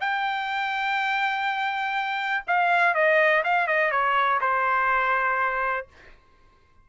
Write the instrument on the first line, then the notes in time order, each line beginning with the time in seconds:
trumpet
0.00 G5
2.47 F5
2.94 D#5
3.44 F5
3.67 D#5
3.91 C#5
4.41 C5